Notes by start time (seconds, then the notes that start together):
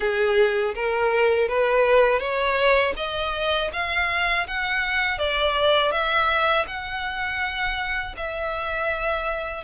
0.00 G#4
0.74 A#4
1.48 B4
2.19 C#5
2.96 D#5
3.72 F5
4.47 F#5
5.18 D5
5.91 E5
6.67 F#5
8.16 E5